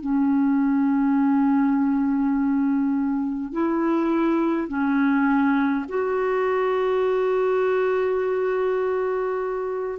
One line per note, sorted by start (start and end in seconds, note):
0.00 3.52 C#4
3.52 4.68 E4
4.68 5.86 C#4
5.88 9.99 F#4